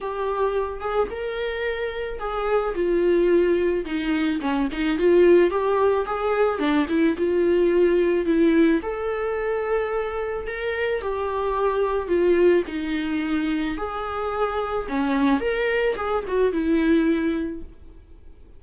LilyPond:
\new Staff \with { instrumentName = "viola" } { \time 4/4 \tempo 4 = 109 g'4. gis'8 ais'2 | gis'4 f'2 dis'4 | cis'8 dis'8 f'4 g'4 gis'4 | d'8 e'8 f'2 e'4 |
a'2. ais'4 | g'2 f'4 dis'4~ | dis'4 gis'2 cis'4 | ais'4 gis'8 fis'8 e'2 | }